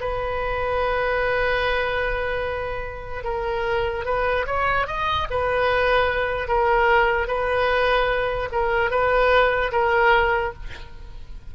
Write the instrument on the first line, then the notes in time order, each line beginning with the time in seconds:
oboe
0.00 B4
3.24 A#4
4.05 B4
4.46 C#5
4.86 D#5
5.30 B4
6.48 A#4
7.27 B4
8.51 A#4
8.90 B4
9.71 A#4